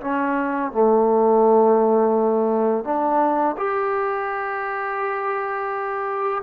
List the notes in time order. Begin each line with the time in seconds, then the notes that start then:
0.00 C#4
0.71 A3
2.84 D4
3.56 G4